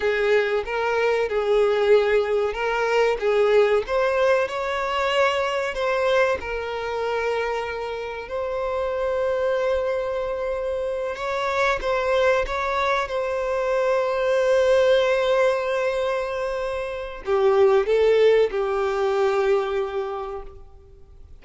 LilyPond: \new Staff \with { instrumentName = "violin" } { \time 4/4 \tempo 4 = 94 gis'4 ais'4 gis'2 | ais'4 gis'4 c''4 cis''4~ | cis''4 c''4 ais'2~ | ais'4 c''2.~ |
c''4. cis''4 c''4 cis''8~ | cis''8 c''2.~ c''8~ | c''2. g'4 | a'4 g'2. | }